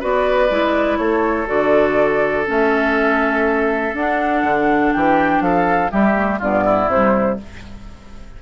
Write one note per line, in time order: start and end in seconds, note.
0.00 0.51 B3
0.00 0.50 F#4
0.00 0.98 B4
0.00 0.98 D5
0.50 0.99 G#3
0.50 1.47 E4
0.98 1.48 A3
0.98 4.94 A4
0.98 1.47 C#5
1.47 2.48 D3
1.47 2.45 F#4
1.47 2.47 D5
2.46 3.94 A3
2.46 3.94 C#4
2.46 3.96 E5
3.94 4.43 D4
3.94 5.90 D4
3.94 4.93 F#5
4.43 4.92 D3
4.93 5.41 E3
4.93 5.43 G4
4.93 5.42 G5
5.41 5.90 F3
5.41 5.92 A4
5.41 5.91 F5
5.90 6.14 G3
5.90 6.41 G3
5.90 6.39 G4
5.90 6.41 E5
6.14 6.39 A3
6.39 6.88 G2
6.39 6.92 B3
6.39 6.64 F4
6.39 6.90 D5
6.65 7.39 E4
6.88 7.37 C3
6.88 7.42 G3
6.88 7.40 C5